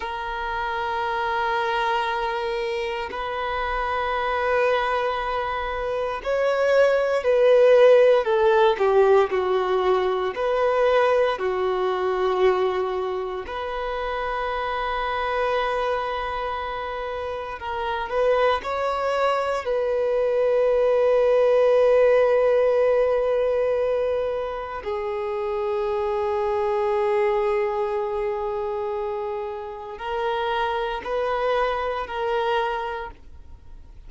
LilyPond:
\new Staff \with { instrumentName = "violin" } { \time 4/4 \tempo 4 = 58 ais'2. b'4~ | b'2 cis''4 b'4 | a'8 g'8 fis'4 b'4 fis'4~ | fis'4 b'2.~ |
b'4 ais'8 b'8 cis''4 b'4~ | b'1 | gis'1~ | gis'4 ais'4 b'4 ais'4 | }